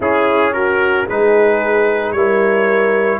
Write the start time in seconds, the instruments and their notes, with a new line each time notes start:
0.00 tuba C#4, trombone C#4, horn E4, trumpet G#4
0.53 horn F#4, trumpet A#4
1.07 tuba G#3, trombone D#4, horn G#4, trumpet B4
2.11 tuba G3, trombone E4, horn A#4, trumpet C#5